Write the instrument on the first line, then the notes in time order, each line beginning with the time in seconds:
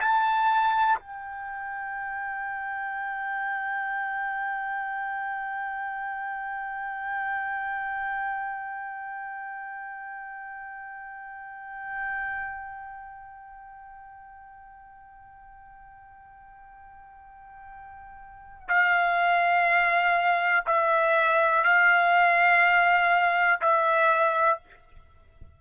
trumpet
0.00 A5
0.98 G5
18.68 F5
20.66 E5
21.63 F5
23.61 E5